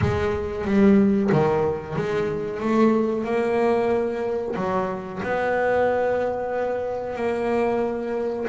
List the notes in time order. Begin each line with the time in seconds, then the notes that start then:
0.01 G#3
0.64 G3
1.32 D#3
1.96 G#3
2.59 A3
3.24 A#3
4.56 F#3
5.22 B3
7.15 A#3